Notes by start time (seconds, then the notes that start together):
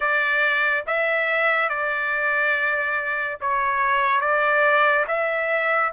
0.00 D5
0.86 E5
1.69 D5
3.40 C#5
4.20 D5
5.07 E5